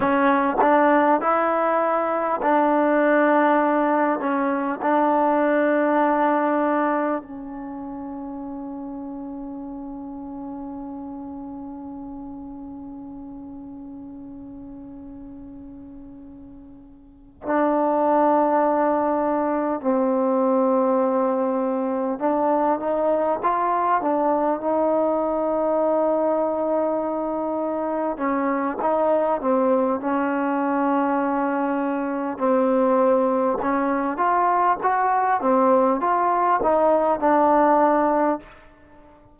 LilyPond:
\new Staff \with { instrumentName = "trombone" } { \time 4/4 \tempo 4 = 50 cis'8 d'8 e'4 d'4. cis'8 | d'2 cis'2~ | cis'1~ | cis'2~ cis'8 d'4.~ |
d'8 c'2 d'8 dis'8 f'8 | d'8 dis'2. cis'8 | dis'8 c'8 cis'2 c'4 | cis'8 f'8 fis'8 c'8 f'8 dis'8 d'4 | }